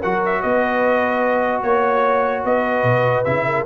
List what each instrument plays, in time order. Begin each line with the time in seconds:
0.00 tuba F#3, trombone F#4, horn A#4, trumpet F#5
0.25 trumpet E5
0.41 tuba B3, horn B4, trumpet D#5
1.62 tuba A#3, trumpet C#5, horn C#5
2.44 tuba B3, horn B4, trumpet D#5
2.83 tuba B2
3.24 tuba C#3, trombone E4, trumpet E5
3.46 horn A#4